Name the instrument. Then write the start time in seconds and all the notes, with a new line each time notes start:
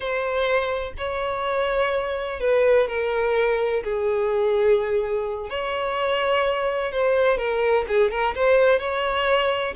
violin
0.00 C5
0.97 C#5
2.40 B4
2.88 A#4
3.83 G#4
5.49 C#5
6.92 C5
7.37 A#4
7.88 G#4
8.10 A#4
8.35 C5
8.79 C#5